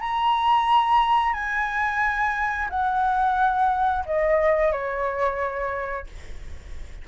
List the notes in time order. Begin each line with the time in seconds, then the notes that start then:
0.00 A#5
1.33 G#5
2.69 F#5
4.05 D#5
4.72 C#5